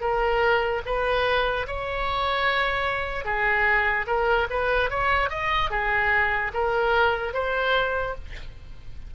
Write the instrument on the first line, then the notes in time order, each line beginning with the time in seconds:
oboe
0.00 A#4
0.85 B4
1.67 C#5
3.24 G#4
4.07 A#4
4.50 B4
4.90 C#5
5.29 D#5
5.70 G#4
6.53 A#4
7.33 C5